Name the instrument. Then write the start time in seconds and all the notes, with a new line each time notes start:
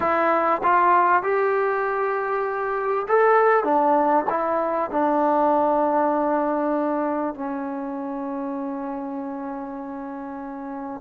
trombone
0.00 E4
0.63 F4
1.22 G4
3.08 A4
3.64 D4
4.29 E4
4.91 D4
7.34 C#4